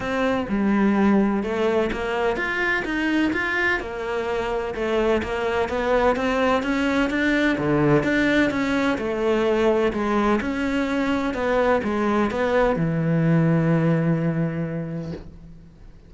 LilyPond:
\new Staff \with { instrumentName = "cello" } { \time 4/4 \tempo 4 = 127 c'4 g2 a4 | ais4 f'4 dis'4 f'4 | ais2 a4 ais4 | b4 c'4 cis'4 d'4 |
d4 d'4 cis'4 a4~ | a4 gis4 cis'2 | b4 gis4 b4 e4~ | e1 | }